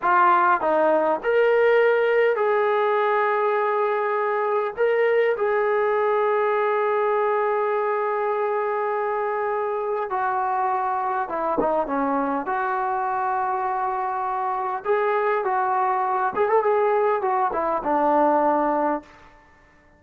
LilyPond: \new Staff \with { instrumentName = "trombone" } { \time 4/4 \tempo 4 = 101 f'4 dis'4 ais'2 | gis'1 | ais'4 gis'2.~ | gis'1~ |
gis'4 fis'2 e'8 dis'8 | cis'4 fis'2.~ | fis'4 gis'4 fis'4. gis'16 a'16 | gis'4 fis'8 e'8 d'2 | }